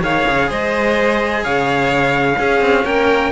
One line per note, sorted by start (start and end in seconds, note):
0.00 0.25 D#3
0.00 2.36 G#4
0.00 0.49 C#5
0.00 0.51 F5
0.28 0.51 C#3
0.49 1.45 G#3
0.49 1.43 C5
0.49 1.44 D#5
1.43 2.39 C#3
1.43 2.38 C#5
1.43 2.86 F5
2.38 3.32 C#4
2.38 2.61 C#4
2.38 2.85 G#4
2.61 2.85 C4
2.85 3.32 A#3
2.85 3.32 A#4
2.85 3.32 G5